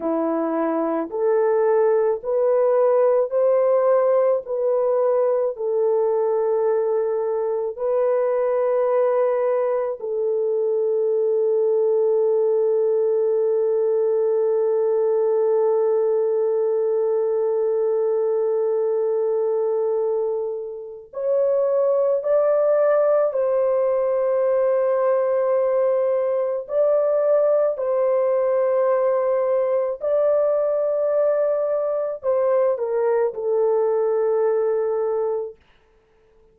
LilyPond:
\new Staff \with { instrumentName = "horn" } { \time 4/4 \tempo 4 = 54 e'4 a'4 b'4 c''4 | b'4 a'2 b'4~ | b'4 a'2.~ | a'1~ |
a'2. cis''4 | d''4 c''2. | d''4 c''2 d''4~ | d''4 c''8 ais'8 a'2 | }